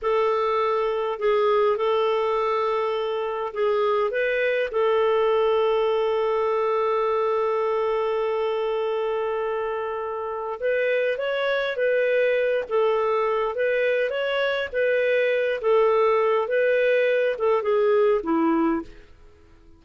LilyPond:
\new Staff \with { instrumentName = "clarinet" } { \time 4/4 \tempo 4 = 102 a'2 gis'4 a'4~ | a'2 gis'4 b'4 | a'1~ | a'1~ |
a'2 b'4 cis''4 | b'4. a'4. b'4 | cis''4 b'4. a'4. | b'4. a'8 gis'4 e'4 | }